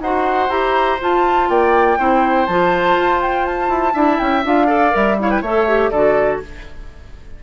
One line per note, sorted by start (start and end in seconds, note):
0.00 0.49 D#4
0.00 0.49 F#4
0.00 1.50 C5
0.00 0.50 F#5
0.49 0.98 E4
0.49 0.99 G4
0.49 0.99 A#5
1.00 1.98 F4
1.00 1.49 F4
1.00 1.50 A5
1.49 1.98 A#3
1.49 1.99 D5
1.49 2.47 G5
1.98 2.48 C4
1.98 2.48 E4
1.98 3.93 C5
2.47 2.96 F3
2.47 3.94 F4
2.47 3.20 A5
2.96 3.69 F4
3.22 3.46 G5
3.46 4.19 A5
3.69 3.93 E4
3.93 4.19 D4
3.93 4.43 E4
3.93 4.67 E5
4.19 4.44 C#4
4.19 4.43 G5
4.44 4.94 D4
4.44 4.67 F4
4.44 4.96 F5
4.67 4.91 A4
4.67 5.16 D5
4.91 5.42 G3
4.91 5.16 A#4
4.91 5.20 E5
5.19 5.44 E4
5.19 5.30 C#5
5.19 5.30 F5
5.30 5.42 B4
5.30 5.43 G5
5.42 5.91 A3
5.42 5.68 A4
5.42 5.91 C#5
5.42 5.91 E5
5.68 5.93 G4
5.91 6.40 D3
5.91 6.43 F#4
5.91 6.40 A4
5.91 6.40 D5